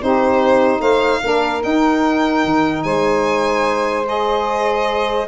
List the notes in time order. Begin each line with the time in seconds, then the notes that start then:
0.00 C4 D#4 G4 C5
0.80 A3 C5 F5
1.22 A#3 D4 A#4
1.61 D#4 G5
2.44 D#3
2.83 G#3 C5 G#5
4.05 G#4 D#5